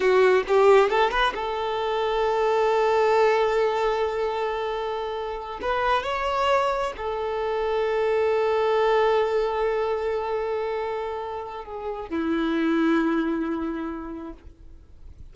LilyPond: \new Staff \with { instrumentName = "violin" } { \time 4/4 \tempo 4 = 134 fis'4 g'4 a'8 b'8 a'4~ | a'1~ | a'1~ | a'8 b'4 cis''2 a'8~ |
a'1~ | a'1~ | a'2 gis'4 e'4~ | e'1 | }